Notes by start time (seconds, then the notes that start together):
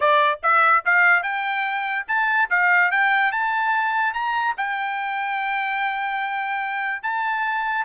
0.00 D5
0.43 E5
0.85 F5
1.22 G5
2.07 A5
2.50 F5
2.91 G5
3.32 A5
4.13 A#5
4.57 G5
7.02 A5